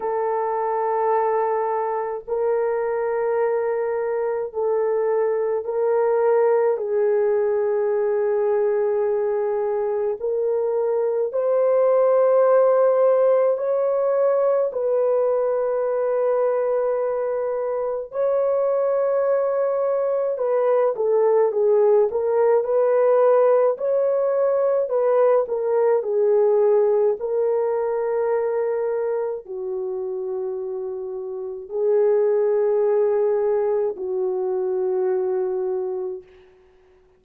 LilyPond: \new Staff \with { instrumentName = "horn" } { \time 4/4 \tempo 4 = 53 a'2 ais'2 | a'4 ais'4 gis'2~ | gis'4 ais'4 c''2 | cis''4 b'2. |
cis''2 b'8 a'8 gis'8 ais'8 | b'4 cis''4 b'8 ais'8 gis'4 | ais'2 fis'2 | gis'2 fis'2 | }